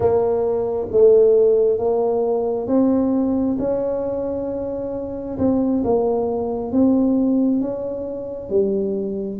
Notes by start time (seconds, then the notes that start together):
0.00 A#3
0.91 A3
1.78 A#3
2.67 C4
3.58 C#4
5.38 C4
5.84 A#3
6.72 C4
7.60 C#4
8.49 G3